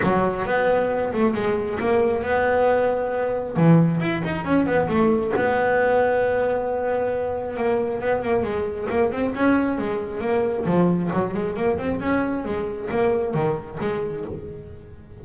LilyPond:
\new Staff \with { instrumentName = "double bass" } { \time 4/4 \tempo 4 = 135 fis4 b4. a8 gis4 | ais4 b2. | e4 e'8 dis'8 cis'8 b8 a4 | b1~ |
b4 ais4 b8 ais8 gis4 | ais8 c'8 cis'4 gis4 ais4 | f4 fis8 gis8 ais8 c'8 cis'4 | gis4 ais4 dis4 gis4 | }